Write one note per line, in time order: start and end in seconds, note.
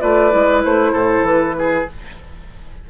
0.00 0.34 A3
0.00 0.31 F4
0.00 0.93 B4
0.00 0.63 D5
0.31 0.65 G#3
0.31 1.87 E4
0.64 0.93 A3
0.64 1.27 C5
0.93 1.23 A2
0.93 1.55 A4
1.23 1.85 E3
1.23 1.90 B4
1.58 1.90 G#4